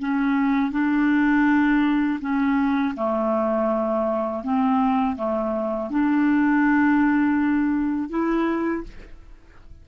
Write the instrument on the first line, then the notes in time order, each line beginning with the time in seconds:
clarinet
0.00 C#4
0.72 D4
2.21 C#4
2.97 A3
4.44 C4
5.16 A3
5.91 D4
8.10 E4